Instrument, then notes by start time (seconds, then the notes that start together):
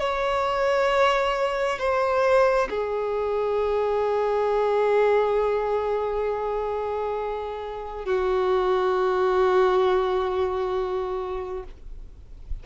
violin
0.00 C#5
1.80 C5
2.70 G#4
8.06 F#4